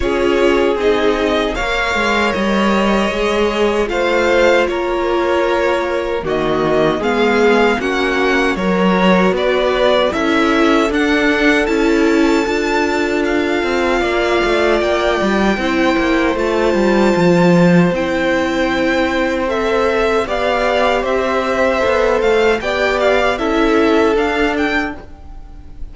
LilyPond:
<<
  \new Staff \with { instrumentName = "violin" } { \time 4/4 \tempo 4 = 77 cis''4 dis''4 f''4 dis''4~ | dis''4 f''4 cis''2 | dis''4 f''4 fis''4 cis''4 | d''4 e''4 fis''4 a''4~ |
a''4 f''2 g''4~ | g''4 a''2 g''4~ | g''4 e''4 f''4 e''4~ | e''8 f''8 g''8 f''8 e''4 f''8 g''8 | }
  \new Staff \with { instrumentName = "violin" } { \time 4/4 gis'2 cis''2~ | cis''4 c''4 ais'2 | fis'4 gis'4 fis'4 ais'4 | b'4 a'2.~ |
a'2 d''2 | c''1~ | c''2 d''4 c''4~ | c''4 d''4 a'2 | }
  \new Staff \with { instrumentName = "viola" } { \time 4/4 f'4 dis'4 ais'2 | gis'4 f'2. | ais4 b4 cis'4 fis'4~ | fis'4 e'4 d'4 e'4 |
f'1 | e'4 f'2 e'4~ | e'4 a'4 g'2 | a'4 g'4 e'4 d'4 | }
  \new Staff \with { instrumentName = "cello" } { \time 4/4 cis'4 c'4 ais8 gis8 g4 | gis4 a4 ais2 | dis4 gis4 ais4 fis4 | b4 cis'4 d'4 cis'4 |
d'4. c'8 ais8 a8 ais8 g8 | c'8 ais8 a8 g8 f4 c'4~ | c'2 b4 c'4 | b8 a8 b4 cis'4 d'4 | }
>>